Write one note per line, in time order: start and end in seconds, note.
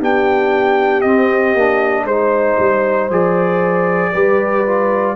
0.00 1.04 B3
0.00 1.05 D4
0.00 2.05 G4
0.00 1.02 G5
1.02 1.54 C4
1.02 1.56 C4
1.02 2.05 D#5
1.54 2.04 A#3
1.54 2.10 D4
2.04 2.56 G#3
2.04 4.11 C5
2.04 3.10 C5
2.10 3.11 D#4
2.59 3.10 G3
3.10 4.13 F3
3.10 4.14 G#4
3.10 5.17 D5
4.13 5.17 G3
4.13 4.66 G4
4.13 5.16 B4
4.67 5.17 F4